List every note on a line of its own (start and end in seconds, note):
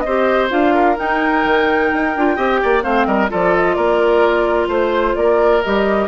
0.00 0.50 C4
0.00 0.74 C5
0.00 0.47 D#5
0.06 0.49 G4
0.49 0.97 D4
0.49 0.96 F4
0.49 0.97 F5
0.74 2.36 A#4
0.96 2.12 D#4
0.96 1.44 D#4
0.96 2.83 G5
1.44 1.91 D#3
1.93 2.16 D#4
2.16 2.37 D4
2.16 2.37 F4
2.36 2.60 C4
2.36 2.82 G4
2.36 2.59 D#5
2.62 2.84 A#3
2.62 2.83 D5
2.82 3.06 A3
2.82 3.28 C4
2.82 3.06 C5
2.82 3.05 F5
3.05 3.30 G3
3.05 3.30 A#4
3.05 3.28 D#5
3.28 3.77 F3
3.28 5.61 F4
3.28 3.75 A4
3.28 3.55 D5
3.55 3.74 D#5
3.74 4.68 A#3
3.74 4.68 A#4
3.74 4.67 D5
4.68 5.14 A3
4.68 5.14 C5
4.68 5.15 C5
5.15 5.62 A#3
5.15 6.08 A#4
5.15 5.62 D5
5.63 6.08 G3
5.63 6.08 G4
5.63 6.08 D#5